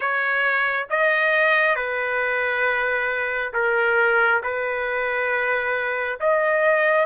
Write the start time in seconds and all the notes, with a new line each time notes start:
0.00 C#5
0.89 D#5
1.75 B4
3.53 A#4
4.43 B4
6.20 D#5